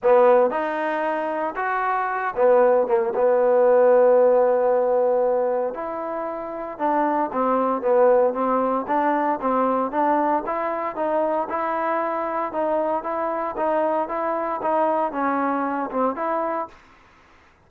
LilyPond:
\new Staff \with { instrumentName = "trombone" } { \time 4/4 \tempo 4 = 115 b4 dis'2 fis'4~ | fis'8 b4 ais8 b2~ | b2. e'4~ | e'4 d'4 c'4 b4 |
c'4 d'4 c'4 d'4 | e'4 dis'4 e'2 | dis'4 e'4 dis'4 e'4 | dis'4 cis'4. c'8 e'4 | }